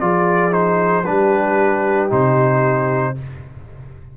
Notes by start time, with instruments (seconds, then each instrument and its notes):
0.00 tuba F3, trombone F4, horn G#4, trumpet D5
0.51 trombone D#4, trumpet C5
1.04 tuba G3, trombone D4, horn G4, trumpet B4
2.09 tuba C3, trombone D#4, trumpet C5